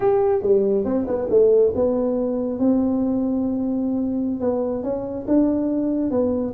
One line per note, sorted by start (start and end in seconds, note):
0.00 0.42 G4
0.42 0.84 G3
0.84 1.06 C4
1.07 1.28 B3
1.30 1.73 A3
1.75 2.59 B3
2.59 4.40 C4
4.40 4.83 B3
4.83 5.26 C#4
5.27 6.10 D4
6.10 6.53 B3